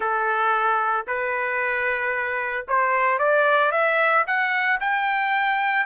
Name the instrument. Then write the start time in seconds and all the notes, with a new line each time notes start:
trumpet
0.00 A4
1.07 B4
2.68 C5
3.19 D5
3.71 E5
4.26 F#5
4.80 G5